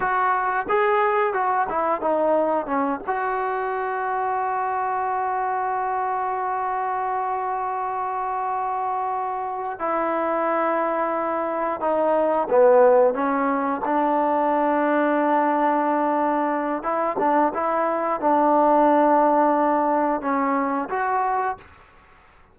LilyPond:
\new Staff \with { instrumentName = "trombone" } { \time 4/4 \tempo 4 = 89 fis'4 gis'4 fis'8 e'8 dis'4 | cis'8 fis'2.~ fis'8~ | fis'1~ | fis'2~ fis'8 e'4.~ |
e'4. dis'4 b4 cis'8~ | cis'8 d'2.~ d'8~ | d'4 e'8 d'8 e'4 d'4~ | d'2 cis'4 fis'4 | }